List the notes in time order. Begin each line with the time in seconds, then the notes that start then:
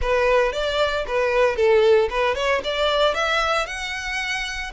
0.01 B4
0.52 D5
1.07 B4
1.56 A4
2.10 B4
2.35 C#5
2.64 D5
3.14 E5
3.66 F#5